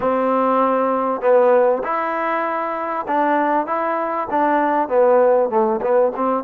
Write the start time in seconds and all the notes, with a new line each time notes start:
0.00 C4
1.21 B3
1.83 E4
3.07 D4
3.66 E4
4.30 D4
4.88 B3
5.49 A3
5.81 B3
6.16 C4